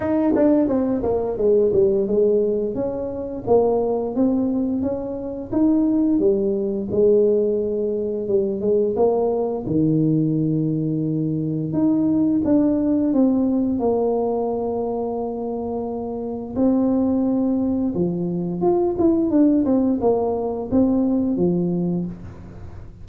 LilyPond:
\new Staff \with { instrumentName = "tuba" } { \time 4/4 \tempo 4 = 87 dis'8 d'8 c'8 ais8 gis8 g8 gis4 | cis'4 ais4 c'4 cis'4 | dis'4 g4 gis2 | g8 gis8 ais4 dis2~ |
dis4 dis'4 d'4 c'4 | ais1 | c'2 f4 f'8 e'8 | d'8 c'8 ais4 c'4 f4 | }